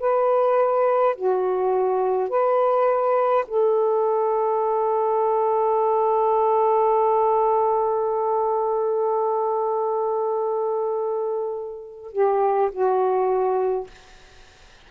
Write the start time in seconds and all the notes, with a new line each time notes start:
0.00 B4
1.15 F#4
2.29 B4
3.47 A4
12.13 G4
12.72 F#4